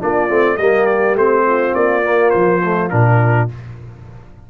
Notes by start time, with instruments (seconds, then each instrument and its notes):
0.00 tuba A#3, trombone D4, horn F4, trumpet D5
0.29 tuba A3, trombone C4
0.57 tuba G3, trombone A#3, horn G4, trumpet D#5
0.86 trumpet D5
1.14 tuba A3, trombone C4, trumpet C5
1.45 horn F4
1.74 tuba A#3, trumpet D5
2.03 trombone A#3
2.30 tuba F3, trumpet C5
2.63 trombone A3
2.90 tuba A#2, trombone D4, trumpet A#4